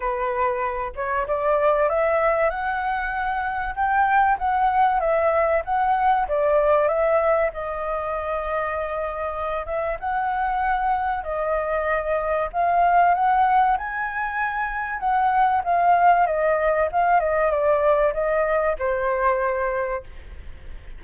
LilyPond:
\new Staff \with { instrumentName = "flute" } { \time 4/4 \tempo 4 = 96 b'4. cis''8 d''4 e''4 | fis''2 g''4 fis''4 | e''4 fis''4 d''4 e''4 | dis''2.~ dis''8 e''8 |
fis''2 dis''2 | f''4 fis''4 gis''2 | fis''4 f''4 dis''4 f''8 dis''8 | d''4 dis''4 c''2 | }